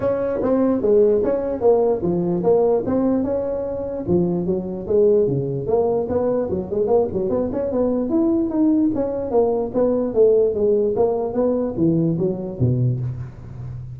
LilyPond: \new Staff \with { instrumentName = "tuba" } { \time 4/4 \tempo 4 = 148 cis'4 c'4 gis4 cis'4 | ais4 f4 ais4 c'4 | cis'2 f4 fis4 | gis4 cis4 ais4 b4 |
fis8 gis8 ais8 fis8 b8 cis'8 b4 | e'4 dis'4 cis'4 ais4 | b4 a4 gis4 ais4 | b4 e4 fis4 b,4 | }